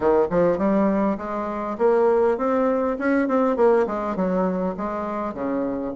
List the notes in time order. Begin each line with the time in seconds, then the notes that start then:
0.00 D#3
0.30 F3
0.58 G3
1.17 G#3
1.78 A#3
2.37 C4
2.99 C#4
3.28 C4
3.56 A#3
3.86 G#3
4.16 F#3
4.77 G#3
5.34 C#3